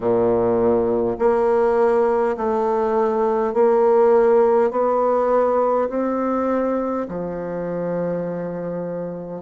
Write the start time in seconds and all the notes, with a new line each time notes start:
0.00 A#2
1.18 A#3
2.36 A3
3.53 A#3
4.71 B3
5.89 C4
7.08 F3